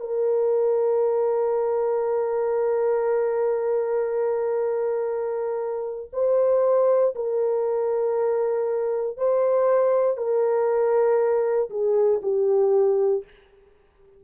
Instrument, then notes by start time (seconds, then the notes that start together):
horn
0.00 A#4
6.12 C5
7.15 A#4
9.17 C5
10.17 A#4
11.70 G#4
12.22 G4